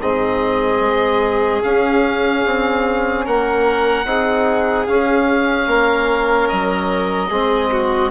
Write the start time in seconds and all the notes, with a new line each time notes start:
0.00 G#2 C4 G#4 D#5
0.80 G#3
1.62 C#4 F5
2.45 C4
3.25 A#3 A#4 F#5
4.04 C4 D#4 G#4
4.87 C#4 F5
5.67 A#3 A#4
6.48 F#3 D#5
7.29 G#3 C4 G#4
7.71 F#4